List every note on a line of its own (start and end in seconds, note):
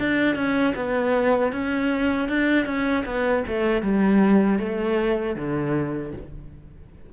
0.00 0.36 D4
0.36 0.74 C#4
0.76 1.53 B3
1.53 2.29 C#4
2.29 2.66 D4
2.66 3.05 C#4
3.06 3.44 B3
3.48 3.83 A3
3.83 4.59 G3
4.59 5.36 A3
5.36 6.13 D3